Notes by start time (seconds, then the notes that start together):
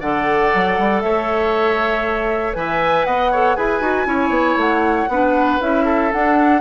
0.00 D3 A4 D5 F#5
0.54 F#3
0.78 G3
1.00 A3 C#5 E5
2.53 E3 B4 E5 G#5
3.04 B3 D#5 F#5
3.31 A4 C#5
3.55 E4 G#4 B4 G#5
3.80 D#4 F#4
4.05 C#4 E4 C#5
4.29 B3
4.56 A3 F#5
5.08 B3 D4 B4
5.60 C#4 E4 E5
5.85 A4
6.12 D4 F#5